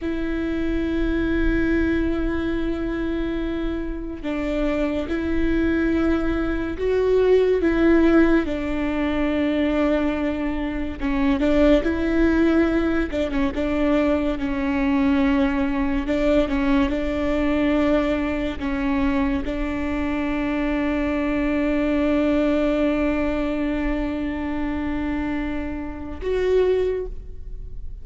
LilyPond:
\new Staff \with { instrumentName = "viola" } { \time 4/4 \tempo 4 = 71 e'1~ | e'4 d'4 e'2 | fis'4 e'4 d'2~ | d'4 cis'8 d'8 e'4. d'16 cis'16 |
d'4 cis'2 d'8 cis'8 | d'2 cis'4 d'4~ | d'1~ | d'2. fis'4 | }